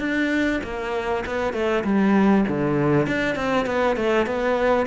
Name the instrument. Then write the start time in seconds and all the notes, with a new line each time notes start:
cello
0.00 D4
0.64 A#3
1.26 B3
1.53 A3
1.85 G3
2.48 D3
3.07 D4
3.36 C4
3.66 B3
3.97 A3
4.27 B3